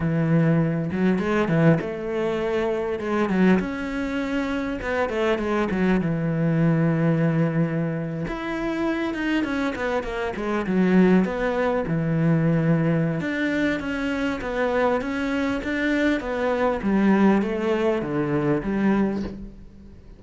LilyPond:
\new Staff \with { instrumentName = "cello" } { \time 4/4 \tempo 4 = 100 e4. fis8 gis8 e8 a4~ | a4 gis8 fis8 cis'2 | b8 a8 gis8 fis8 e2~ | e4.~ e16 e'4. dis'8 cis'16~ |
cis'16 b8 ais8 gis8 fis4 b4 e16~ | e2 d'4 cis'4 | b4 cis'4 d'4 b4 | g4 a4 d4 g4 | }